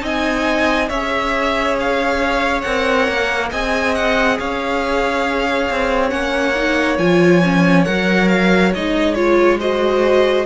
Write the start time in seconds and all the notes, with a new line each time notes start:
0.00 C4 D#4 D#5 G#5
0.88 C#4 G#4 C#5 E5
1.80 F5
2.61 C4 A#4 F#5
3.08 A#3
3.51 C4 G#4 D#5 G#5
3.94 F#5
4.39 C#4 C#5 F5
5.70 C4
6.09 A#3 C#4 F#5
6.55 D#4
6.98 F3 F4 G#5
7.43 C#4
7.84 F#3 A#4 F#5
8.28 F5
8.74 G#3 D#4 D#5
9.14 F4 C#5
9.59 F#4 C5 D#5